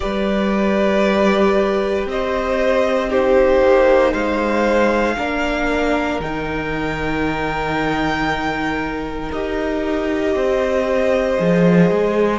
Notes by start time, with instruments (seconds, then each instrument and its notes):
0.00 cello G3, viola G4, violin B4 D5
2.06 cello C4, violin C5 D#5
3.09 viola D#4, violin G4 C5
3.61 cello A#3
4.12 cello G#3, violin C5 F5
5.17 cello A#3, viola D4, violin A#4
6.19 cello D#3, viola D#4, violin G5
9.32 cello D#4, viola G4, violin D#5
10.34 cello C4, violin C5
11.37 cello F3, viola G#4
11.91 cello G#3